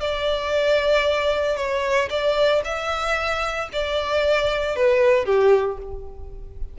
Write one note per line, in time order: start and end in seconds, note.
0.00 1.56 D5
1.56 2.08 C#5
2.09 2.61 D5
2.64 3.69 E5
3.72 4.75 D5
4.75 5.25 B4
5.25 5.77 G4